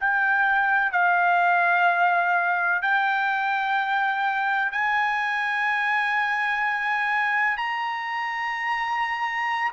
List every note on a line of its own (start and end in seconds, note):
0.00 0.92 G5
0.92 2.82 F5
2.82 4.72 G5
4.72 7.57 G#5
7.57 9.71 A#5